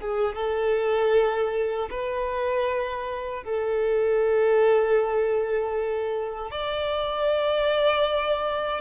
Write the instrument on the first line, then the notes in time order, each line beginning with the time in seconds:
violin
0.00 G#4
0.35 A4
1.91 B4
3.44 A4
6.51 D5